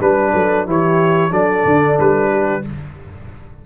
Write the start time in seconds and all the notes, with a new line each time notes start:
0.00 G3 D4 B4
0.34 F#3 A4
0.67 E3 E4 G4 C#5
1.30 F#3 D4 A4 D5
1.65 D3
1.99 G3 B4
2.32 G4